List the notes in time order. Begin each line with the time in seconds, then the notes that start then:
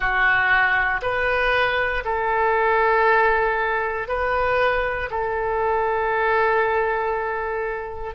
0.00 F#4
1.02 B4
2.04 A4
4.07 B4
5.10 A4